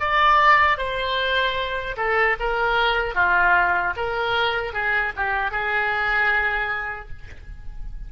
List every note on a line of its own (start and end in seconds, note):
0.00 0.78 D5
0.78 1.96 C5
1.97 2.36 A4
2.40 3.15 A#4
3.15 3.94 F4
3.97 4.73 A#4
4.73 5.13 G#4
5.17 5.52 G4
5.52 7.09 G#4